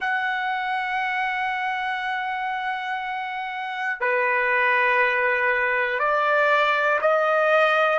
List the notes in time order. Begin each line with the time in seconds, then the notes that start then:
0.00 F#5
4.00 B4
5.99 D5
7.00 D#5